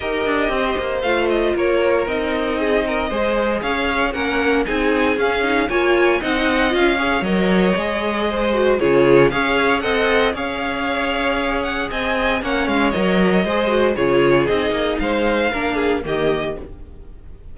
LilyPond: <<
  \new Staff \with { instrumentName = "violin" } { \time 4/4 \tempo 4 = 116 dis''2 f''8 dis''8 cis''4 | dis''2. f''4 | fis''4 gis''4 f''4 gis''4 | fis''4 f''4 dis''2~ |
dis''4 cis''4 f''4 fis''4 | f''2~ f''8 fis''8 gis''4 | fis''8 f''8 dis''2 cis''4 | dis''4 f''2 dis''4 | }
  \new Staff \with { instrumentName = "violin" } { \time 4/4 ais'4 c''2 ais'4~ | ais'4 gis'8 ais'8 c''4 cis''4 | ais'4 gis'2 cis''4 | dis''4. cis''2~ cis''8 |
c''4 gis'4 cis''4 dis''4 | cis''2. dis''4 | cis''2 c''4 gis'4~ | gis'4 c''4 ais'8 gis'8 g'4 | }
  \new Staff \with { instrumentName = "viola" } { \time 4/4 g'2 f'2 | dis'2 gis'2 | cis'4 dis'4 cis'8 dis'8 f'4 | dis'4 f'8 gis'8 ais'4 gis'4~ |
gis'8 fis'8 f'4 gis'4 a'4 | gis'1 | cis'4 ais'4 gis'8 fis'8 f'4 | dis'2 d'4 ais4 | }
  \new Staff \with { instrumentName = "cello" } { \time 4/4 dis'8 d'8 c'8 ais8 a4 ais4 | c'2 gis4 cis'4 | ais4 c'4 cis'4 ais4 | c'4 cis'4 fis4 gis4~ |
gis4 cis4 cis'4 c'4 | cis'2. c'4 | ais8 gis8 fis4 gis4 cis4 | c'8 ais8 gis4 ais4 dis4 | }
>>